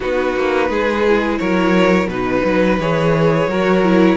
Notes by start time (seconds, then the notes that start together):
0.00 B3 D#4 F#4 B4
0.35 A#3
0.69 G#3 G#4
1.08 E4
1.37 F#3 A#4 C#5
2.06 B2 D#4 B4
2.44 F#3
2.79 E3 G#4 C#5
3.47 F#3 F#4 A#4
3.83 E4